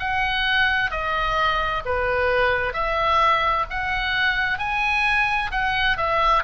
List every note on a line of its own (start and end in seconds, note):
0.00 0.91 F#5
0.91 1.83 D#5
1.85 2.73 B4
2.73 3.65 E5
3.70 4.59 F#5
4.59 5.51 G#5
5.51 5.97 F#5
5.97 6.43 E5